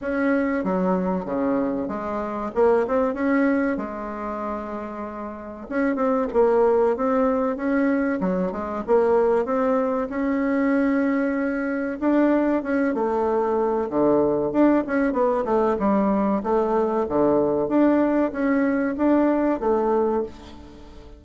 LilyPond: \new Staff \with { instrumentName = "bassoon" } { \time 4/4 \tempo 4 = 95 cis'4 fis4 cis4 gis4 | ais8 c'8 cis'4 gis2~ | gis4 cis'8 c'8 ais4 c'4 | cis'4 fis8 gis8 ais4 c'4 |
cis'2. d'4 | cis'8 a4. d4 d'8 cis'8 | b8 a8 g4 a4 d4 | d'4 cis'4 d'4 a4 | }